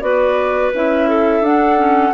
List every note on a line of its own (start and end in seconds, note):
0.00 0.71 B3
0.00 0.72 F#4
0.00 1.09 B4
0.00 0.71 D5
0.74 1.40 C#4
0.74 1.43 E4
0.74 1.45 E5
1.09 2.14 A4
1.40 2.10 D4
1.40 1.77 D4
1.40 2.14 F#5
1.77 2.12 C#4